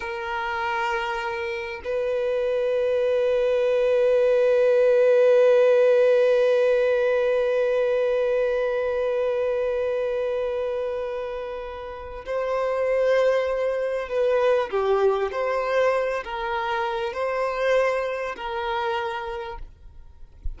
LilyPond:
\new Staff \with { instrumentName = "violin" } { \time 4/4 \tempo 4 = 98 ais'2. b'4~ | b'1~ | b'1~ | b'1~ |
b'1 | c''2. b'4 | g'4 c''4. ais'4. | c''2 ais'2 | }